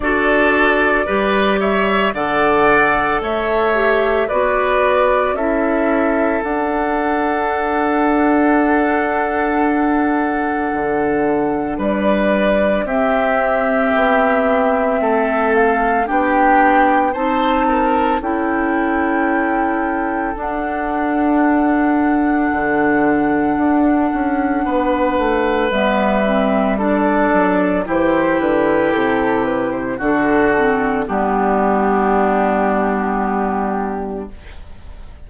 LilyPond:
<<
  \new Staff \with { instrumentName = "flute" } { \time 4/4 \tempo 4 = 56 d''4. e''8 fis''4 e''4 | d''4 e''4 fis''2~ | fis''2. d''4 | e''2~ e''8 f''8 g''4 |
a''4 g''2 fis''4~ | fis''1 | e''4 d''4 c''8 b'8 a'8 b'16 c''16 | a'4 g'2. | }
  \new Staff \with { instrumentName = "oboe" } { \time 4/4 a'4 b'8 cis''8 d''4 cis''4 | b'4 a'2.~ | a'2. b'4 | g'2 a'4 g'4 |
c''8 ais'8 a'2.~ | a'2. b'4~ | b'4 a'4 g'2 | fis'4 d'2. | }
  \new Staff \with { instrumentName = "clarinet" } { \time 4/4 fis'4 g'4 a'4. g'8 | fis'4 e'4 d'2~ | d'1 | c'2. d'4 |
dis'4 e'2 d'4~ | d'1 | b8 c'8 d'4 e'2 | d'8 c'8 b2. | }
  \new Staff \with { instrumentName = "bassoon" } { \time 4/4 d'4 g4 d4 a4 | b4 cis'4 d'2~ | d'2 d4 g4 | c'4 b4 a4 b4 |
c'4 cis'2 d'4~ | d'4 d4 d'8 cis'8 b8 a8 | g4. fis8 e8 d8 c4 | d4 g2. | }
>>